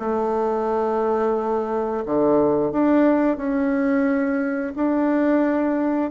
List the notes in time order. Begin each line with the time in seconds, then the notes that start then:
0.00 A3
2.05 D3
2.72 D4
3.37 C#4
4.76 D4